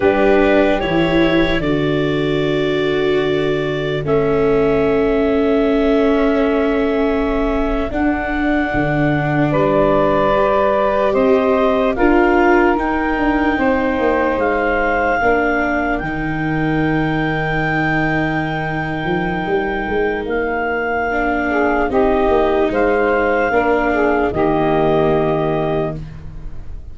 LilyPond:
<<
  \new Staff \with { instrumentName = "clarinet" } { \time 4/4 \tempo 4 = 74 b'4 cis''4 d''2~ | d''4 e''2.~ | e''4.~ e''16 fis''2 d''16~ | d''4.~ d''16 dis''4 f''4 g''16~ |
g''4.~ g''16 f''2 g''16~ | g''1~ | g''4 f''2 dis''4 | f''2 dis''2 | }
  \new Staff \with { instrumentName = "saxophone" } { \time 4/4 g'2 a'2~ | a'1~ | a'2.~ a'8. b'16~ | b'4.~ b'16 c''4 ais'4~ ais'16~ |
ais'8. c''2 ais'4~ ais'16~ | ais'1~ | ais'2~ ais'8 gis'8 g'4 | c''4 ais'8 gis'8 g'2 | }
  \new Staff \with { instrumentName = "viola" } { \time 4/4 d'4 e'4 fis'2~ | fis'4 cis'2.~ | cis'4.~ cis'16 d'2~ d'16~ | d'8. g'2 f'4 dis'16~ |
dis'2~ dis'8. d'4 dis'16~ | dis'1~ | dis'2 d'4 dis'4~ | dis'4 d'4 ais2 | }
  \new Staff \with { instrumentName = "tuba" } { \time 4/4 g4 e4 d2~ | d4 a2.~ | a4.~ a16 d'4 d4 g16~ | g4.~ g16 c'4 d'4 dis'16~ |
dis'16 d'8 c'8 ais8 gis4 ais4 dis16~ | dis2.~ dis8 f8 | g8 gis8 ais2 c'8 ais8 | gis4 ais4 dis2 | }
>>